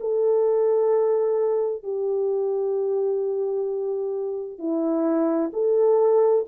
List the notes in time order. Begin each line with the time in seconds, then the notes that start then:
0.00 A4
1.83 G4
4.58 E4
5.53 A4